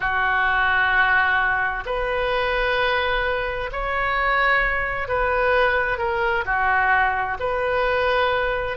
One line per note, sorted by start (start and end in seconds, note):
0.00 1.84 F#4
1.85 3.70 B4
3.72 5.08 C#5
5.08 5.97 B4
5.97 6.44 A#4
6.45 7.37 F#4
7.39 8.77 B4